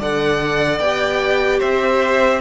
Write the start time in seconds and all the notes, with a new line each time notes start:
0.00 D3 A4 D5 F#5
0.79 B3 G4 G5
1.60 C4 C5 E5